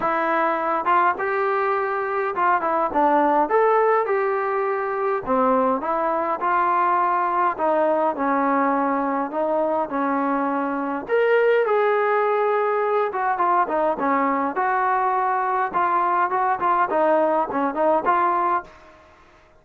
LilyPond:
\new Staff \with { instrumentName = "trombone" } { \time 4/4 \tempo 4 = 103 e'4. f'8 g'2 | f'8 e'8 d'4 a'4 g'4~ | g'4 c'4 e'4 f'4~ | f'4 dis'4 cis'2 |
dis'4 cis'2 ais'4 | gis'2~ gis'8 fis'8 f'8 dis'8 | cis'4 fis'2 f'4 | fis'8 f'8 dis'4 cis'8 dis'8 f'4 | }